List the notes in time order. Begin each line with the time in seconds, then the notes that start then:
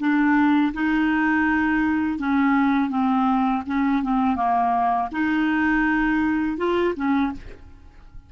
0.00 D4
0.74 D#4
2.19 C#4
2.90 C4
3.67 C#4
4.03 C4
4.36 A#3
5.12 D#4
6.58 F4
6.96 C#4